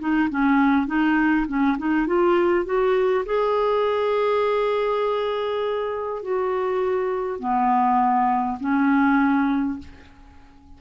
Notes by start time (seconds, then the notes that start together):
0.00 D#4
0.31 C#4
0.87 D#4
1.48 C#4
1.78 D#4
2.07 F4
2.65 F#4
3.26 G#4
6.22 F#4
7.40 B3
8.60 C#4